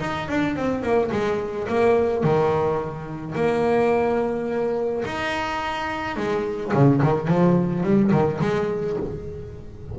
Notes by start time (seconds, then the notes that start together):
0.00 D#4
0.28 D4
0.56 C4
0.82 A#3
1.12 G#3
1.68 A#3
2.24 D#3
3.35 A#3
5.05 D#4
6.16 G#3
6.73 C#3
7.02 D#3
7.27 F3
7.83 G3
8.11 D#3
8.41 G#3